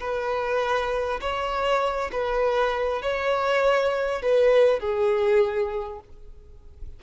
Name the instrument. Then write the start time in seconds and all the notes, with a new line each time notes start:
violin
0.00 B4
1.21 C#5
2.12 B4
3.02 C#5
4.22 B4
4.79 G#4